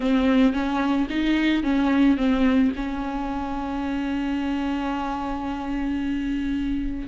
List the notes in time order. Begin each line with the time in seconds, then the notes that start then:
0.00 C4
0.53 C#4
1.09 D#4
1.63 C#4
2.17 C4
2.75 C#4